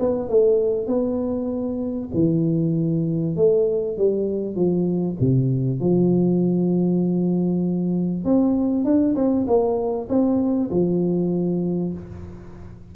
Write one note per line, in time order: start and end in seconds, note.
0.00 0.29 B3
0.29 0.87 A3
0.87 2.10 B3
2.14 3.36 E3
3.36 3.98 A3
3.98 4.56 G3
4.56 5.17 F3
5.20 5.80 C3
5.80 8.25 F3
8.25 8.85 C4
8.85 9.15 D4
9.16 9.46 C4
9.47 10.09 A#3
10.09 10.71 C4
10.71 11.93 F3